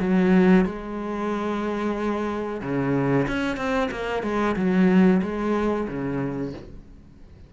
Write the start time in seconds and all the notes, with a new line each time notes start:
0.00 F#3
0.65 G#3
2.62 C#3
3.27 C#4
3.57 C4
3.91 A#3
4.23 G#3
4.56 F#3
5.22 G#3
5.88 C#3